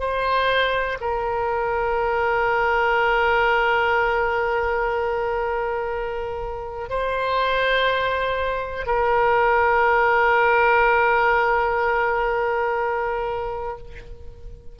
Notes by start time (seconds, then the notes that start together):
0.00 C5
1.01 A#4
6.90 C5
8.87 A#4